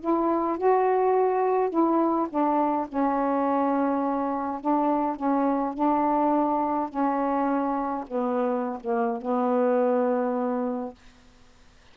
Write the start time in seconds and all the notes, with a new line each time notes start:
0.00 E4
0.58 F#4
1.70 E4
2.29 D4
2.88 C#4
4.61 D4
5.16 C#4
5.74 D4
6.89 C#4
8.07 B3
8.80 A#3
9.22 B3